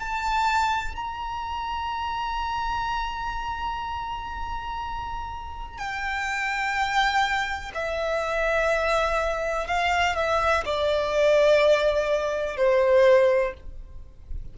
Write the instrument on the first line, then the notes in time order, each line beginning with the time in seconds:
violin
0.00 A5
0.96 A#5
5.78 G5
7.75 E5
9.67 F5
10.16 E5
10.65 D5
12.57 C5